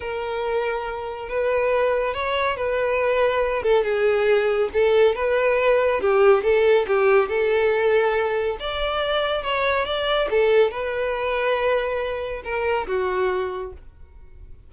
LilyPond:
\new Staff \with { instrumentName = "violin" } { \time 4/4 \tempo 4 = 140 ais'2. b'4~ | b'4 cis''4 b'2~ | b'8 a'8 gis'2 a'4 | b'2 g'4 a'4 |
g'4 a'2. | d''2 cis''4 d''4 | a'4 b'2.~ | b'4 ais'4 fis'2 | }